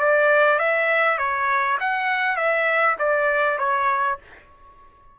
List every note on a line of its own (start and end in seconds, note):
0.00 0.59 D5
0.59 1.18 E5
1.18 1.78 C#5
1.80 2.37 F#5
2.37 2.97 E5
2.99 3.59 D5
3.59 4.19 C#5